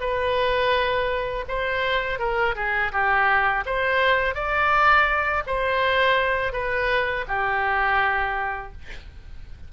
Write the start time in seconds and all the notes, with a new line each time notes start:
0.00 B4
1.48 C5
2.19 A#4
2.55 G#4
2.92 G4
3.66 C5
4.34 D5
5.46 C5
6.53 B4
7.27 G4